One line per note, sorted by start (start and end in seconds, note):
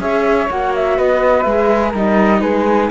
0.00 0.48 C#4
0.00 0.48 G#4
0.00 0.97 C#5
0.00 0.50 E5
0.49 0.99 A#3
0.49 1.46 F#4
0.49 0.74 F#5
0.75 0.98 E5
0.97 1.45 B3
0.97 1.90 B4
0.97 1.43 D#5
1.43 1.94 G#3
1.43 1.95 G#4
1.43 1.91 E5
1.90 2.42 G3
1.90 2.91 D#4
1.90 2.39 A#4
1.90 2.41 D#5
2.41 2.90 G#3
2.41 2.90 G#4
2.41 2.89 B4